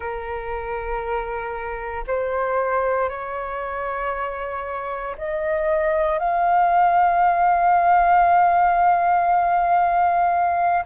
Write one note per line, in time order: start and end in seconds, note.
0.00 2.04 A#4
2.07 3.09 C5
3.09 5.16 C#5
5.17 6.18 D#5
6.18 10.84 F5